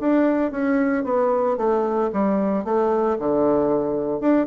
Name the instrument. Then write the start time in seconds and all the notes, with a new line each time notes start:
bassoon
0.00 D4
0.51 C#4
1.04 B3
1.57 A3
2.13 G3
2.64 A3
3.19 D3
4.20 D4